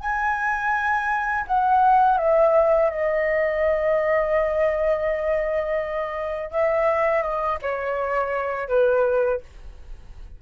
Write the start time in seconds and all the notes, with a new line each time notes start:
0.00 G#5
1.47 F#5
2.17 E5
2.90 D#5
6.51 E5
7.22 D#5
7.62 C#5
8.68 B4